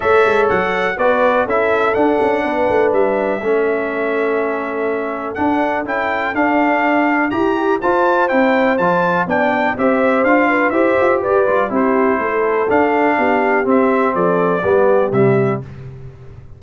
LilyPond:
<<
  \new Staff \with { instrumentName = "trumpet" } { \time 4/4 \tempo 4 = 123 e''4 fis''4 d''4 e''4 | fis''2 e''2~ | e''2. fis''4 | g''4 f''2 ais''4 |
a''4 g''4 a''4 g''4 | e''4 f''4 e''4 d''4 | c''2 f''2 | e''4 d''2 e''4 | }
  \new Staff \with { instrumentName = "horn" } { \time 4/4 cis''2 b'4 a'4~ | a'4 b'2 a'4~ | a'1~ | a'2. g'4 |
c''2. d''4 | c''4. b'8 c''4 b'4 | g'4 a'2 g'4~ | g'4 a'4 g'2 | }
  \new Staff \with { instrumentName = "trombone" } { \time 4/4 a'2 fis'4 e'4 | d'2. cis'4~ | cis'2. d'4 | e'4 d'2 g'4 |
f'4 e'4 f'4 d'4 | g'4 f'4 g'4. f'8 | e'2 d'2 | c'2 b4 g4 | }
  \new Staff \with { instrumentName = "tuba" } { \time 4/4 a8 gis8 fis4 b4 cis'4 | d'8 cis'8 b8 a8 g4 a4~ | a2. d'4 | cis'4 d'2 e'4 |
f'4 c'4 f4 b4 | c'4 d'4 e'8 f'8 g'8 g8 | c'4 a4 d'4 b4 | c'4 f4 g4 c4 | }
>>